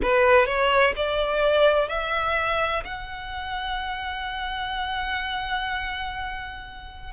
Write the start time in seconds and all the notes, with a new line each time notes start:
0.02 B4
0.45 C#5
0.95 D5
1.88 E5
2.84 F#5